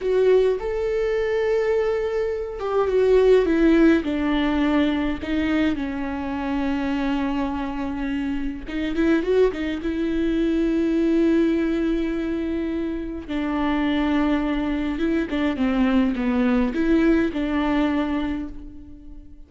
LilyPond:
\new Staff \with { instrumentName = "viola" } { \time 4/4 \tempo 4 = 104 fis'4 a'2.~ | a'8 g'8 fis'4 e'4 d'4~ | d'4 dis'4 cis'2~ | cis'2. dis'8 e'8 |
fis'8 dis'8 e'2.~ | e'2. d'4~ | d'2 e'8 d'8 c'4 | b4 e'4 d'2 | }